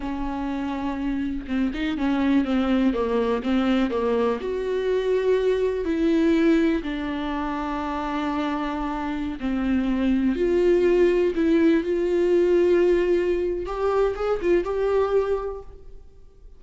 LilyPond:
\new Staff \with { instrumentName = "viola" } { \time 4/4 \tempo 4 = 123 cis'2. c'8 dis'8 | cis'4 c'4 ais4 c'4 | ais4 fis'2. | e'2 d'2~ |
d'2.~ d'16 c'8.~ | c'4~ c'16 f'2 e'8.~ | e'16 f'2.~ f'8. | g'4 gis'8 f'8 g'2 | }